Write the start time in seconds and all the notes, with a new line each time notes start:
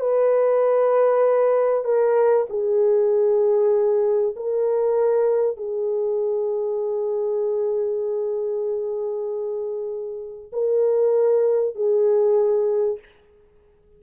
0.00 B4
1.85 A#4
2.50 G#4
4.36 A#4
5.57 G#4
10.52 A#4
11.75 G#4